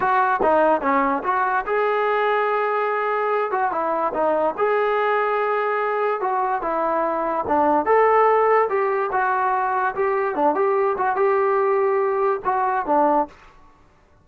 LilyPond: \new Staff \with { instrumentName = "trombone" } { \time 4/4 \tempo 4 = 145 fis'4 dis'4 cis'4 fis'4 | gis'1~ | gis'8 fis'8 e'4 dis'4 gis'4~ | gis'2. fis'4 |
e'2 d'4 a'4~ | a'4 g'4 fis'2 | g'4 d'8 g'4 fis'8 g'4~ | g'2 fis'4 d'4 | }